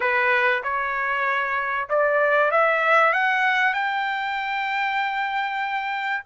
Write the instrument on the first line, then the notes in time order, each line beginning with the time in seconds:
trumpet
0.00 B4
0.63 C#5
1.89 D5
2.51 E5
3.12 F#5
3.73 G5